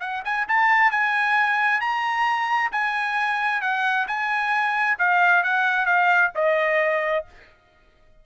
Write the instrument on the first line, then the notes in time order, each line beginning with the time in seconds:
trumpet
0.00 F#5
0.24 G#5
0.48 A5
0.91 G#5
1.80 A#5
2.72 G#5
3.61 F#5
4.07 G#5
4.98 F5
5.43 F#5
5.86 F5
6.35 D#5